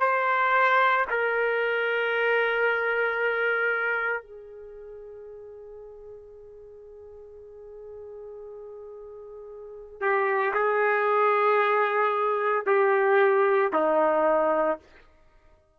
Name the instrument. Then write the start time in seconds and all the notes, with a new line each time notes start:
trumpet
0.00 C5
1.10 A#4
4.23 G#4
10.00 G4
10.54 G#4
12.67 G4
13.73 D#4